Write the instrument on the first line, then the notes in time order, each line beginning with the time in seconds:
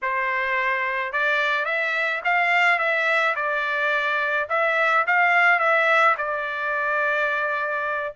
trumpet
0.02 C5
1.12 D5
1.65 E5
2.24 F5
2.78 E5
3.35 D5
4.49 E5
5.06 F5
5.59 E5
6.17 D5